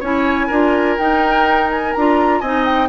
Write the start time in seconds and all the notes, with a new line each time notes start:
0.00 C#4 E4 C#5 G#5
0.47 D4 F4 A#4
0.98 D#4 G5
1.71 G#5
1.94 D4 F4 A#5
2.40 C4 D#4 D#5 G#5
2.65 G5